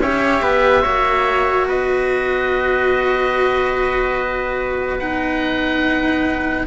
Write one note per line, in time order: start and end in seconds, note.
0.00 0.42 C#4
0.00 0.83 G4
0.00 0.43 C#5
0.00 1.68 E5
0.43 0.85 B3
0.43 0.82 B4
0.82 1.67 A#3
0.82 4.99 F#4
0.82 1.66 C#5
1.67 6.67 B3
1.67 6.67 B4
1.67 4.99 D#5
4.99 6.67 D#4
4.99 6.66 F#5